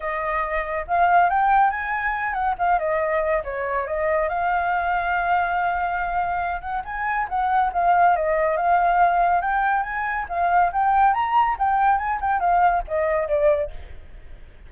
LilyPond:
\new Staff \with { instrumentName = "flute" } { \time 4/4 \tempo 4 = 140 dis''2 f''4 g''4 | gis''4. fis''8 f''8 dis''4. | cis''4 dis''4 f''2~ | f''2.~ f''8 fis''8 |
gis''4 fis''4 f''4 dis''4 | f''2 g''4 gis''4 | f''4 g''4 ais''4 g''4 | gis''8 g''8 f''4 dis''4 d''4 | }